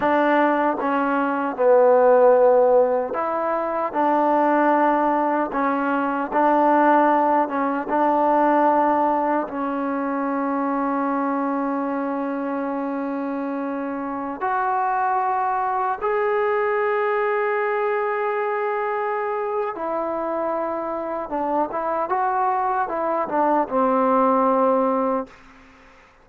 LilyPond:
\new Staff \with { instrumentName = "trombone" } { \time 4/4 \tempo 4 = 76 d'4 cis'4 b2 | e'4 d'2 cis'4 | d'4. cis'8 d'2 | cis'1~ |
cis'2~ cis'16 fis'4.~ fis'16~ | fis'16 gis'2.~ gis'8.~ | gis'4 e'2 d'8 e'8 | fis'4 e'8 d'8 c'2 | }